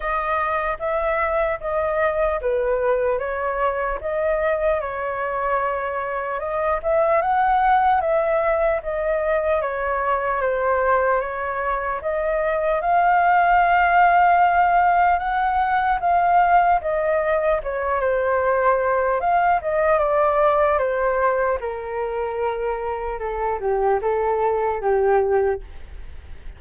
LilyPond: \new Staff \with { instrumentName = "flute" } { \time 4/4 \tempo 4 = 75 dis''4 e''4 dis''4 b'4 | cis''4 dis''4 cis''2 | dis''8 e''8 fis''4 e''4 dis''4 | cis''4 c''4 cis''4 dis''4 |
f''2. fis''4 | f''4 dis''4 cis''8 c''4. | f''8 dis''8 d''4 c''4 ais'4~ | ais'4 a'8 g'8 a'4 g'4 | }